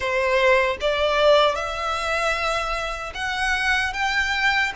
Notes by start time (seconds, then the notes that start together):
0.00 C5
0.80 D5
1.55 E5
3.14 F#5
3.93 G5